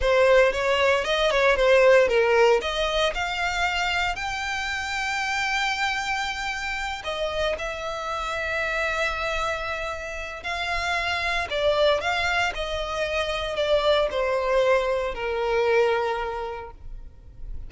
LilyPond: \new Staff \with { instrumentName = "violin" } { \time 4/4 \tempo 4 = 115 c''4 cis''4 dis''8 cis''8 c''4 | ais'4 dis''4 f''2 | g''1~ | g''4. dis''4 e''4.~ |
e''1 | f''2 d''4 f''4 | dis''2 d''4 c''4~ | c''4 ais'2. | }